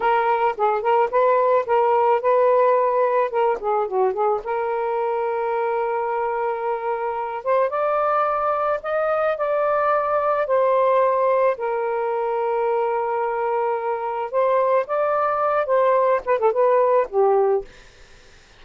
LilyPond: \new Staff \with { instrumentName = "saxophone" } { \time 4/4 \tempo 4 = 109 ais'4 gis'8 ais'8 b'4 ais'4 | b'2 ais'8 gis'8 fis'8 gis'8 | ais'1~ | ais'4. c''8 d''2 |
dis''4 d''2 c''4~ | c''4 ais'2.~ | ais'2 c''4 d''4~ | d''8 c''4 b'16 a'16 b'4 g'4 | }